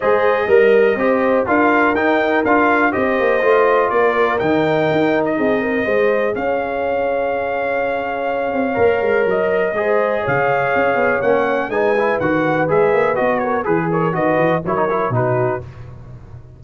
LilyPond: <<
  \new Staff \with { instrumentName = "trumpet" } { \time 4/4 \tempo 4 = 123 dis''2. f''4 | g''4 f''4 dis''2 | d''4 g''4.~ g''16 dis''4~ dis''16~ | dis''4 f''2.~ |
f''2. dis''4~ | dis''4 f''2 fis''4 | gis''4 fis''4 e''4 dis''8 cis''8 | b'8 cis''8 dis''4 cis''4 b'4 | }
  \new Staff \with { instrumentName = "horn" } { \time 4/4 c''4 ais'4 c''4 ais'4~ | ais'2 c''2 | ais'2. gis'8 ais'8 | c''4 cis''2.~ |
cis''1 | c''4 cis''2. | b'2.~ b'8 ais'8 | gis'8 ais'8 b'4 ais'4 fis'4 | }
  \new Staff \with { instrumentName = "trombone" } { \time 4/4 gis'4 ais'4 g'4 f'4 | dis'4 f'4 g'4 f'4~ | f'4 dis'2. | gis'1~ |
gis'2 ais'2 | gis'2. cis'4 | dis'8 e'8 fis'4 gis'4 fis'4 | gis'4 fis'4 e'16 dis'16 e'8 dis'4 | }
  \new Staff \with { instrumentName = "tuba" } { \time 4/4 gis4 g4 c'4 d'4 | dis'4 d'4 c'8 ais8 a4 | ais4 dis4 dis'4 c'4 | gis4 cis'2.~ |
cis'4. c'8 ais8 gis8 fis4 | gis4 cis4 cis'8 b8 ais4 | gis4 dis4 gis8 ais8 b4 | e4 dis8 e8 fis4 b,4 | }
>>